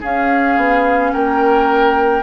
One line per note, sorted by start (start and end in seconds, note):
0.00 0.56 C#4
0.00 2.23 C#4
0.00 1.11 G#4
0.00 1.12 F5
0.56 1.12 B3
1.12 2.23 A#3
1.12 2.23 A#4
1.12 2.23 G5